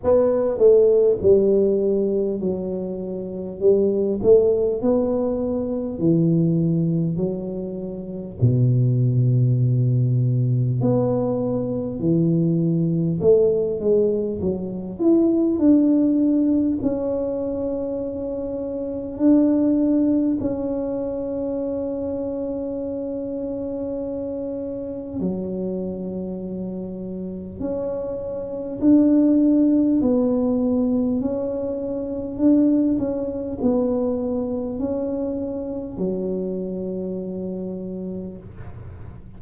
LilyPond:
\new Staff \with { instrumentName = "tuba" } { \time 4/4 \tempo 4 = 50 b8 a8 g4 fis4 g8 a8 | b4 e4 fis4 b,4~ | b,4 b4 e4 a8 gis8 | fis8 e'8 d'4 cis'2 |
d'4 cis'2.~ | cis'4 fis2 cis'4 | d'4 b4 cis'4 d'8 cis'8 | b4 cis'4 fis2 | }